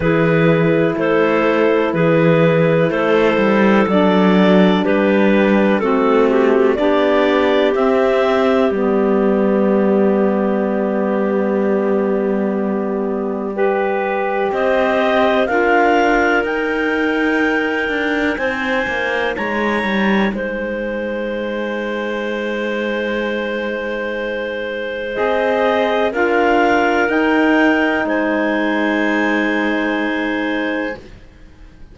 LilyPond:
<<
  \new Staff \with { instrumentName = "clarinet" } { \time 4/4 \tempo 4 = 62 b'4 c''4 b'4 c''4 | d''4 b'4 a'8 g'8 d''4 | e''4 d''2.~ | d''2. dis''4 |
f''4 g''2 gis''4 | ais''4 gis''2.~ | gis''2 dis''4 f''4 | g''4 gis''2. | }
  \new Staff \with { instrumentName = "clarinet" } { \time 4/4 gis'4 a'4 gis'4 a'4~ | a'4 g'4 fis'4 g'4~ | g'1~ | g'2 b'4 c''4 |
ais'2. c''4 | cis''4 c''2.~ | c''2. ais'4~ | ais'4 c''2. | }
  \new Staff \with { instrumentName = "saxophone" } { \time 4/4 e'1 | d'2 c'4 d'4 | c'4 b2.~ | b2 g'2 |
f'4 dis'2.~ | dis'1~ | dis'2 gis'4 f'4 | dis'1 | }
  \new Staff \with { instrumentName = "cello" } { \time 4/4 e4 a4 e4 a8 g8 | fis4 g4 a4 b4 | c'4 g2.~ | g2. c'4 |
d'4 dis'4. d'8 c'8 ais8 | gis8 g8 gis2.~ | gis2 c'4 d'4 | dis'4 gis2. | }
>>